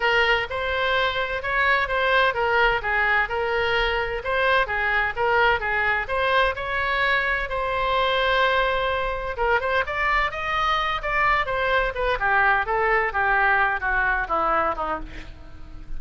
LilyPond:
\new Staff \with { instrumentName = "oboe" } { \time 4/4 \tempo 4 = 128 ais'4 c''2 cis''4 | c''4 ais'4 gis'4 ais'4~ | ais'4 c''4 gis'4 ais'4 | gis'4 c''4 cis''2 |
c''1 | ais'8 c''8 d''4 dis''4. d''8~ | d''8 c''4 b'8 g'4 a'4 | g'4. fis'4 e'4 dis'8 | }